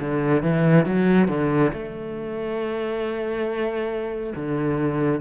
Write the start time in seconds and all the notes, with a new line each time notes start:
0.00 D3
0.43 E3
0.86 F#3
1.28 D3
1.74 A3
4.36 D3